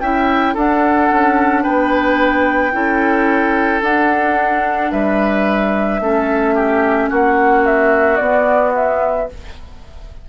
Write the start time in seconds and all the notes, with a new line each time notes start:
0.00 C#4 E4 E5 G5
0.54 D4 A4 F#5
1.11 C#4
1.63 B3 B4 G5
2.72 C#4 E4 A4
3.82 D4 F#5
4.91 G3 B4 E5
6.00 A3 C#4 A4
6.55 G4
7.09 A#3 F#4 F#5
7.66 E5
8.17 B3 D5
8.74 E5